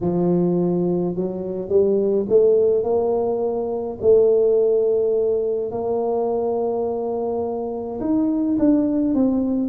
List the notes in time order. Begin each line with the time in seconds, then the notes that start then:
0.01 F3
1.15 F#3
1.69 G3
2.29 A3
2.83 A#3
4.01 A3
5.71 A#3
8.00 D#4
8.59 D4
9.14 C4